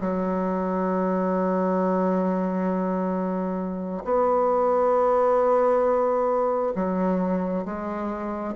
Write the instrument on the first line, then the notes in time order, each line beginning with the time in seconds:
bassoon
0.00 F#3
4.04 B3
6.75 F#3
7.65 G#3